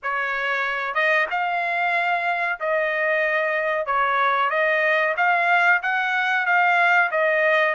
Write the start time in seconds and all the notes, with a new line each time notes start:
0.02 C#5
0.94 D#5
1.30 F5
2.60 D#5
3.86 C#5
4.50 D#5
5.16 F5
5.82 F#5
6.45 F5
7.11 D#5